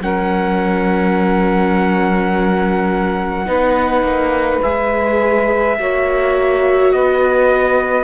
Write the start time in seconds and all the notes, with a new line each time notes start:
0.00 F#3 C#4 A#4 F#5
3.46 B3 D#4 B4
4.02 A#3
4.62 G#3 G#4 E5
5.79 A#3 F#4 C#5
6.92 B3 B4 D#5